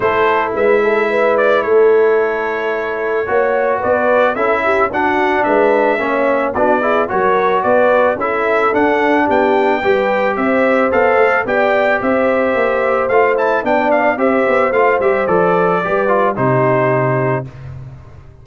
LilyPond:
<<
  \new Staff \with { instrumentName = "trumpet" } { \time 4/4 \tempo 4 = 110 c''4 e''4. d''8 cis''4~ | cis''2. d''4 | e''4 fis''4 e''2 | d''4 cis''4 d''4 e''4 |
fis''4 g''2 e''4 | f''4 g''4 e''2 | f''8 a''8 g''8 f''8 e''4 f''8 e''8 | d''2 c''2 | }
  \new Staff \with { instrumentName = "horn" } { \time 4/4 a'4 b'8 a'8 b'4 a'4~ | a'2 cis''4 b'4 | a'8 g'8 fis'4 b'4 cis''4 | fis'8 gis'8 ais'4 b'4 a'4~ |
a'4 g'4 b'4 c''4~ | c''4 d''4 c''2~ | c''4 d''4 c''2~ | c''4 b'4 g'2 | }
  \new Staff \with { instrumentName = "trombone" } { \time 4/4 e'1~ | e'2 fis'2 | e'4 d'2 cis'4 | d'8 e'8 fis'2 e'4 |
d'2 g'2 | a'4 g'2. | f'8 e'8 d'4 g'4 f'8 g'8 | a'4 g'8 f'8 dis'2 | }
  \new Staff \with { instrumentName = "tuba" } { \time 4/4 a4 gis2 a4~ | a2 ais4 b4 | cis'4 d'4 gis4 ais4 | b4 fis4 b4 cis'4 |
d'4 b4 g4 c'4 | b8 a8 b4 c'4 ais4 | a4 b4 c'8 b8 a8 g8 | f4 g4 c2 | }
>>